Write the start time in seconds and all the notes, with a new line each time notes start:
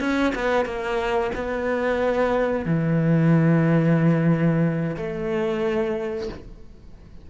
0.00 C#4
0.35 B3
0.65 A#3
1.35 B3
2.65 E3
4.97 A3